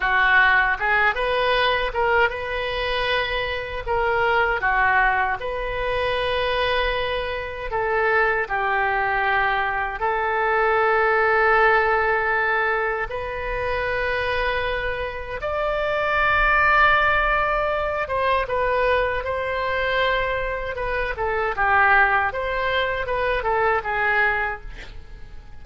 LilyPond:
\new Staff \with { instrumentName = "oboe" } { \time 4/4 \tempo 4 = 78 fis'4 gis'8 b'4 ais'8 b'4~ | b'4 ais'4 fis'4 b'4~ | b'2 a'4 g'4~ | g'4 a'2.~ |
a'4 b'2. | d''2.~ d''8 c''8 | b'4 c''2 b'8 a'8 | g'4 c''4 b'8 a'8 gis'4 | }